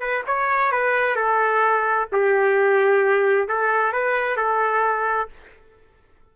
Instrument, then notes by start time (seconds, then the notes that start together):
trumpet
0.00 B4
0.27 C#5
0.72 B4
1.16 A4
2.12 G4
3.48 A4
3.93 B4
4.37 A4